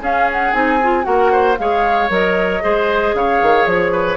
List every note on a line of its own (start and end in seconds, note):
0.00 0.52 C#4
0.00 0.53 C#4
0.00 1.06 G#4
0.00 0.30 F5
0.32 0.53 F#5
0.53 1.06 C4
0.53 0.80 D#4
0.53 1.04 G#5
0.83 1.04 F4
1.04 1.59 A#3
1.04 1.56 F#4
1.04 1.32 A#4
1.04 1.57 F#5
1.32 1.58 C5
1.58 2.10 G#3
1.58 2.10 G#4
1.58 2.63 C#5
1.58 2.11 F5
2.10 2.62 F#3
2.10 2.62 A#4
2.10 3.16 D#5
2.62 3.14 G#3
2.62 4.17 G#4
2.62 3.16 C5
3.14 3.40 C#3
3.14 3.92 C#5
3.14 3.67 F5
3.43 3.66 D#3
3.66 4.17 F3
3.66 4.17 C#5
3.92 4.17 B4